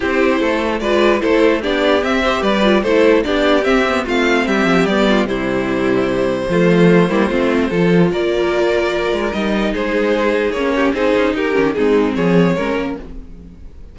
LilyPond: <<
  \new Staff \with { instrumentName = "violin" } { \time 4/4 \tempo 4 = 148 c''2 d''4 c''4 | d''4 e''4 d''4 c''4 | d''4 e''4 f''4 e''4 | d''4 c''2.~ |
c''1 | d''2. dis''4 | c''2 cis''4 c''4 | ais'4 gis'4 cis''2 | }
  \new Staff \with { instrumentName = "violin" } { \time 4/4 g'4 a'4 b'4 a'4 | g'4. c''8 b'4 a'4 | g'2 f'4 g'4~ | g'8 f'8 e'2. |
f'4. e'8 f'4 a'4 | ais'1 | gis'2~ gis'8 g'8 gis'4 | g'4 dis'4 gis'4 ais'4 | }
  \new Staff \with { instrumentName = "viola" } { \time 4/4 e'2 f'4 e'4 | d'4 c'8 g'4 f'8 e'4 | d'4 c'8 b8 c'2 | b4 g2. |
a4. ais8 c'4 f'4~ | f'2. dis'4~ | dis'2 cis'4 dis'4~ | dis'8 cis'8 c'2 cis'4 | }
  \new Staff \with { instrumentName = "cello" } { \time 4/4 c'4 a4 gis4 a4 | b4 c'4 g4 a4 | b4 c'4 a4 g8 f8 | g4 c2. |
f4. g8 a4 f4 | ais2~ ais8 gis8 g4 | gis2 ais4 c'8 cis'8 | dis'8 dis8 gis4 f4 gis8 ais8 | }
>>